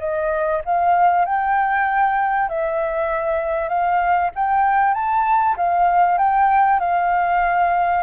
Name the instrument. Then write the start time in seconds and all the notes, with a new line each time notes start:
flute
0.00 D#5
0.65 F5
1.25 G5
2.49 E5
3.69 F5
4.35 G5
4.94 A5
5.57 F5
6.18 G5
6.80 F5